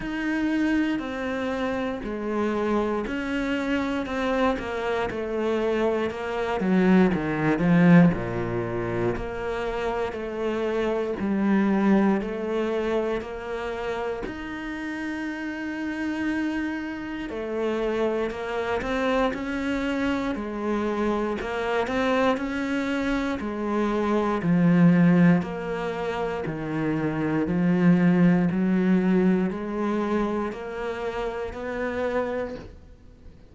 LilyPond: \new Staff \with { instrumentName = "cello" } { \time 4/4 \tempo 4 = 59 dis'4 c'4 gis4 cis'4 | c'8 ais8 a4 ais8 fis8 dis8 f8 | ais,4 ais4 a4 g4 | a4 ais4 dis'2~ |
dis'4 a4 ais8 c'8 cis'4 | gis4 ais8 c'8 cis'4 gis4 | f4 ais4 dis4 f4 | fis4 gis4 ais4 b4 | }